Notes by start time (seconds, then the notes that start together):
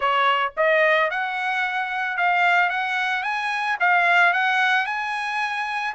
0.00 C#5
0.56 D#5
1.10 F#5
2.17 F5
2.69 F#5
3.23 G#5
3.80 F5
4.33 F#5
4.86 G#5